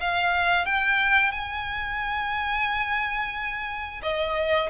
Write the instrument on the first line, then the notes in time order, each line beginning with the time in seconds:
violin
0.00 F5
0.66 G5
1.31 G#5
4.02 D#5